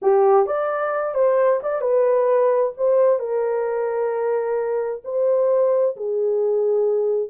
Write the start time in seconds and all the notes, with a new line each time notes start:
0.01 G4
0.46 D5
1.14 C5
1.62 D5
1.81 B4
2.77 C5
3.19 A#4
5.04 C5
5.96 G#4